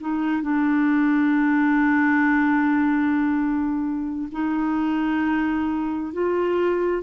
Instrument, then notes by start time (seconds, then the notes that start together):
clarinet
0.00 D#4
0.42 D4
4.32 D#4
6.13 F4